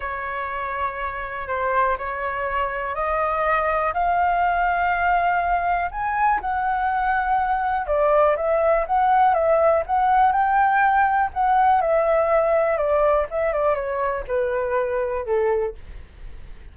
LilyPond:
\new Staff \with { instrumentName = "flute" } { \time 4/4 \tempo 4 = 122 cis''2. c''4 | cis''2 dis''2 | f''1 | gis''4 fis''2. |
d''4 e''4 fis''4 e''4 | fis''4 g''2 fis''4 | e''2 d''4 e''8 d''8 | cis''4 b'2 a'4 | }